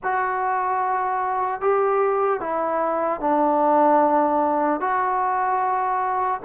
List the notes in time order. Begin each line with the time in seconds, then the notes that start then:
0.03 F#4
1.60 G4
2.40 E4
3.20 D4
4.80 F#4